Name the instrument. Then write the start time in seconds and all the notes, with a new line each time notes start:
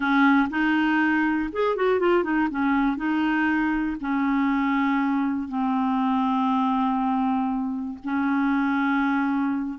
clarinet
0.00 C#4
0.50 D#4
1.52 G#4
1.75 F#4
1.99 F4
2.23 D#4
2.50 C#4
2.97 D#4
4.00 C#4
5.48 C4
8.03 C#4